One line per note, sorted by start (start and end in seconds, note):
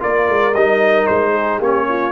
0.00 0.29 A#3
0.00 0.53 F4
0.00 1.31 A#4
0.00 0.54 D5
0.29 0.54 G#3
0.54 1.07 G3
0.54 1.62 D#4
0.54 1.07 D#5
1.07 1.60 G#3
1.07 1.59 C5
1.31 1.57 G#4
1.57 2.12 A#3
1.57 2.12 C#4
1.57 1.84 G4
1.57 2.12 C#5
1.89 2.12 F4